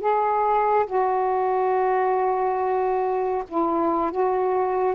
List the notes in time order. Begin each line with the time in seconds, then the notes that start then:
0.00 G#4
0.86 F#4
3.48 E4
4.11 F#4